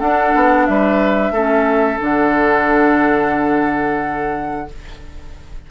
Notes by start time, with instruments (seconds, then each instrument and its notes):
0.00 bassoon D4, clarinet D4, oboe A4, flute F#5
0.36 bassoon B3
0.66 bassoon G3, oboe B4, flute E5
1.32 bassoon A3, clarinet C#4, oboe A4
1.99 bassoon D3, clarinet D4, flute F#5